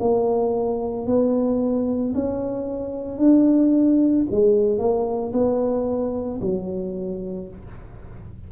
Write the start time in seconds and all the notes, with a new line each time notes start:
0.00 A#3
1.06 B3
2.14 C#4
3.18 D4
4.31 G#3
4.78 A#3
5.33 B3
6.41 F#3